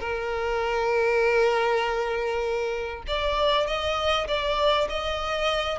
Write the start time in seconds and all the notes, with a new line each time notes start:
0.00 A#4
3.07 D5
3.67 D#5
4.27 D5
4.89 D#5